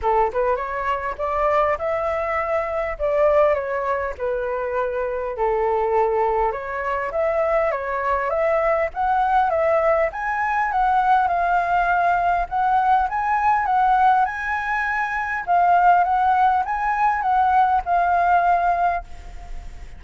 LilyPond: \new Staff \with { instrumentName = "flute" } { \time 4/4 \tempo 4 = 101 a'8 b'8 cis''4 d''4 e''4~ | e''4 d''4 cis''4 b'4~ | b'4 a'2 cis''4 | e''4 cis''4 e''4 fis''4 |
e''4 gis''4 fis''4 f''4~ | f''4 fis''4 gis''4 fis''4 | gis''2 f''4 fis''4 | gis''4 fis''4 f''2 | }